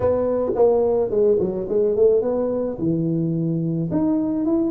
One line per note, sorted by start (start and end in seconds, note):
0.00 0.52 B3
0.55 1.10 A#3
1.10 1.38 G#3
1.39 1.67 F#3
1.68 1.95 G#3
1.95 2.21 A3
2.21 2.77 B3
2.78 3.89 E3
3.91 4.45 D#4
4.45 4.70 E4